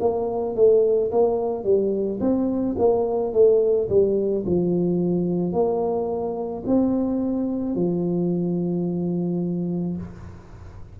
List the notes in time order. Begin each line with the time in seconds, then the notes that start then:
0.00 A#3
0.56 A3
1.11 A#3
1.64 G3
2.20 C4
2.78 A#3
3.33 A3
3.89 G3
4.46 F3
5.53 A#3
6.66 C4
7.75 F3